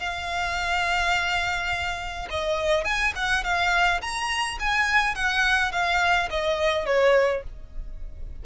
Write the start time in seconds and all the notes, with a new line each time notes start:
0.00 F5
2.31 D#5
2.85 G#5
3.16 F#5
3.44 F5
4.02 A#5
4.60 G#5
5.16 F#5
5.72 F5
6.31 D#5
6.86 C#5